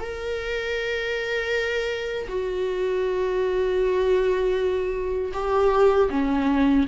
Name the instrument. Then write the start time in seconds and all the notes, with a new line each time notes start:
viola
0.00 A#4
2.29 F#4
5.33 G4
6.10 C#4